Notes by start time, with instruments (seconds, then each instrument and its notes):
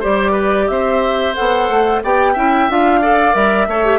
0.00 bassoon G3, clarinet G4, oboe C5, flute D5
0.32 oboe B4
0.68 bassoon C4, oboe C5, flute E5
1.35 bassoon B3, clarinet A4, flute F#5
1.69 bassoon A3
2.03 bassoon B3, clarinet G4, oboe D5, flute G5
2.33 bassoon C#4, clarinet E4, oboe E5
2.69 bassoon D4, clarinet F4, flute F5
3.01 clarinet A4, oboe D5
3.33 bassoon G3, clarinet A#4, flute E5
3.67 bassoon A3, clarinet A4, oboe C#5
3.85 clarinet G4